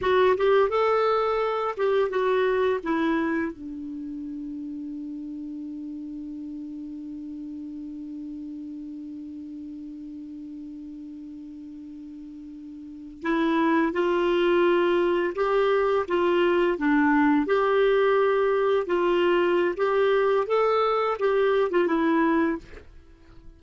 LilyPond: \new Staff \with { instrumentName = "clarinet" } { \time 4/4 \tempo 4 = 85 fis'8 g'8 a'4. g'8 fis'4 | e'4 d'2.~ | d'1~ | d'1~ |
d'2~ d'8. e'4 f'16~ | f'4.~ f'16 g'4 f'4 d'16~ | d'8. g'2 f'4~ f'16 | g'4 a'4 g'8. f'16 e'4 | }